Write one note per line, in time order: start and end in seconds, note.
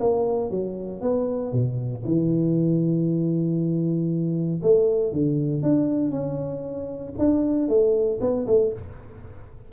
0.00 0.50 A#3
0.50 1.01 F#3
1.01 1.52 B3
1.52 2.04 B2
2.05 4.61 E3
4.62 5.12 A3
5.12 5.62 D3
5.62 6.11 D4
6.11 7.14 C#4
7.18 7.68 D4
7.68 8.19 A3
8.21 8.46 B3
8.47 8.72 A3